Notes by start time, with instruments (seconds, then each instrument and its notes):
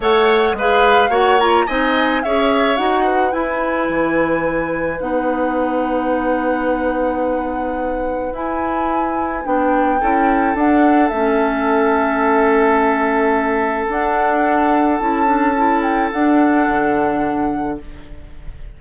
0.00 bassoon A3, clarinet A4, oboe C#5, flute F#5
0.53 bassoon G#3, oboe B4
0.59 clarinet G#4, flute F5
1.09 bassoon A#3, clarinet F#4, oboe C#5, flute F#5
1.40 clarinet F4, flute A#5
1.66 bassoon C4, clarinet D#4, oboe D#5, flute G#5
2.22 bassoon C#4, clarinet G#4, oboe C#5, flute E5
2.76 bassoon D#4, clarinet F#4, flute F#5
3.04 oboe B4
3.31 clarinet E4, bassoon E4, flute G#5
3.89 bassoon E3
5.00 bassoon B3, clarinet D#4, flute F#5
8.32 bassoon E4, clarinet E4, flute G#5
9.43 bassoon B3, clarinet D4, flute G5
10.00 bassoon C#4, clarinet E4, oboe A4
10.54 bassoon D4, clarinet D4, flute F#5
11.08 bassoon A3, clarinet C#4, flute E5
13.88 bassoon D4, clarinet D4, flute F#5
14.98 bassoon C#4, clarinet E4, flute A5
15.25 clarinet D4
15.56 clarinet E4
15.82 flute G5
16.12 bassoon D4, clarinet D4, flute F#5
16.67 bassoon D3